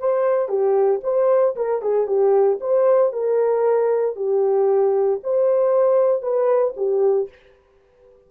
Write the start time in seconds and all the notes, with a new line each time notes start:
0.00 C5
0.49 G4
1.04 C5
1.57 A#4
1.82 G#4
2.08 G4
2.61 C5
3.13 A#4
4.16 G4
5.24 C5
6.23 B4
6.77 G4